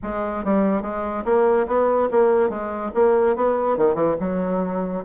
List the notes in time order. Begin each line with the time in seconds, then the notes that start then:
0.02 G#3
0.44 G3
0.81 G#3
1.24 A#3
1.67 B3
2.11 A#3
2.49 G#3
2.94 A#3
3.35 B3
3.77 D#3
3.94 E3
4.19 F#3